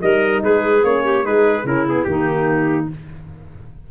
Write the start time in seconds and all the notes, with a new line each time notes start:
0.00 G3 D#4 A#4 D#5
0.43 G#3 G#4 B4
0.84 A#3 C#4 C#5
1.04 G4
1.23 G#3 D#4 G#4 B4
1.64 C#3 C#4 E4 A#4
1.87 B3 G#4
2.04 D#3 A#3 D#4 G4